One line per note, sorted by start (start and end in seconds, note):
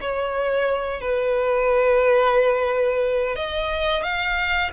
0.00 1.00 C#5
1.00 3.35 B4
3.35 4.02 D#5
4.02 4.70 F5